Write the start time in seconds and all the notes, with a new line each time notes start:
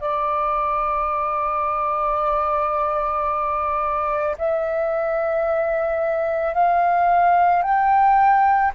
0.00 D5
4.38 E5
6.54 F5
7.62 G5